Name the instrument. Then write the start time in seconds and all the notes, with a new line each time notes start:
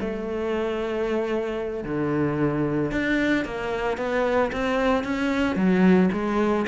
cello
0.00 A3
1.84 D3
2.91 D4
3.45 A#3
3.97 B3
4.52 C4
5.04 C#4
5.56 F#3
6.12 G#3